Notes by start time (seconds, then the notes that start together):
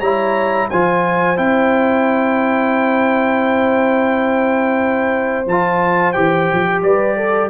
0.00 G3 E4 C#5 A#5
0.70 F3 F4 C5 G#5
1.37 C4 E4 G5
5.46 F3 F4 A5
6.13 E3 G4 G5
6.53 F3
6.83 G3 B4 D5
7.16 A4